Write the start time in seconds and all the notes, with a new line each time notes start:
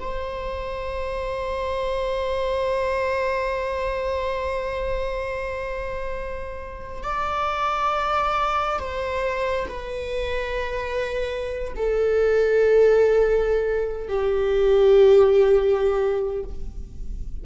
0.00 C5
7.03 D5
8.80 C5
9.68 B4
11.76 A4
14.09 G4